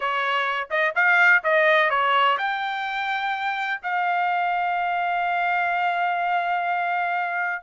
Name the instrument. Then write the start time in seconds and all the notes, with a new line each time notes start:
trumpet
0.00 C#5
0.70 D#5
0.95 F5
1.43 D#5
1.89 C#5
2.38 G5
3.82 F5